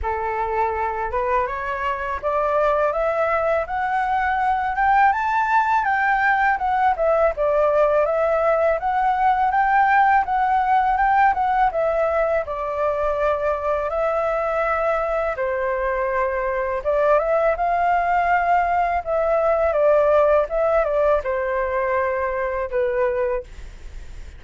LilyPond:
\new Staff \with { instrumentName = "flute" } { \time 4/4 \tempo 4 = 82 a'4. b'8 cis''4 d''4 | e''4 fis''4. g''8 a''4 | g''4 fis''8 e''8 d''4 e''4 | fis''4 g''4 fis''4 g''8 fis''8 |
e''4 d''2 e''4~ | e''4 c''2 d''8 e''8 | f''2 e''4 d''4 | e''8 d''8 c''2 b'4 | }